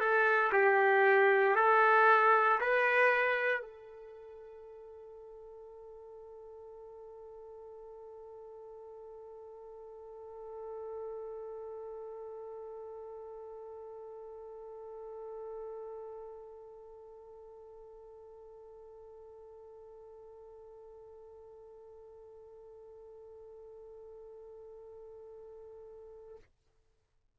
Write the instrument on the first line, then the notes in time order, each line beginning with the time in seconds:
trumpet
0.00 A4
0.53 G4
1.56 A4
2.61 B4
3.62 A4